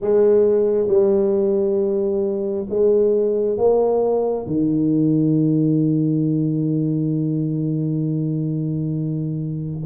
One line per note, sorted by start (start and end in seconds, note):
0.01 0.87 G#3
0.87 2.66 G3
2.69 3.57 G#3
3.57 4.46 A#3
4.46 9.83 D#3